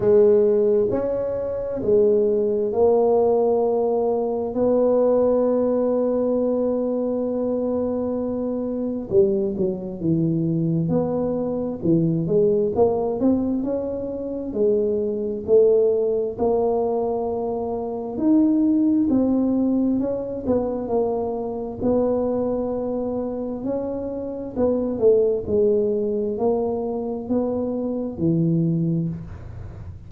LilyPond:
\new Staff \with { instrumentName = "tuba" } { \time 4/4 \tempo 4 = 66 gis4 cis'4 gis4 ais4~ | ais4 b2.~ | b2 g8 fis8 e4 | b4 e8 gis8 ais8 c'8 cis'4 |
gis4 a4 ais2 | dis'4 c'4 cis'8 b8 ais4 | b2 cis'4 b8 a8 | gis4 ais4 b4 e4 | }